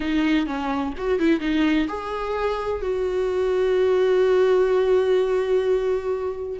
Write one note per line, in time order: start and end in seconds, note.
0.00 0.46 D#4
0.46 0.93 C#4
0.97 1.19 F#4
1.19 1.40 E4
1.40 1.87 D#4
1.88 2.81 G#4
2.81 6.59 F#4